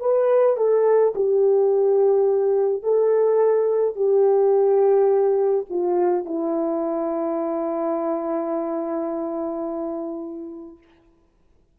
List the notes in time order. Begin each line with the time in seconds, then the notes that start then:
0.00 B4
0.57 A4
1.15 G4
2.83 A4
3.96 G4
5.70 F4
6.25 E4